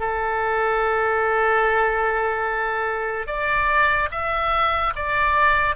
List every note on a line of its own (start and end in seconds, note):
0.00 3.27 A4
3.27 4.09 D5
4.11 4.94 E5
4.96 5.76 D5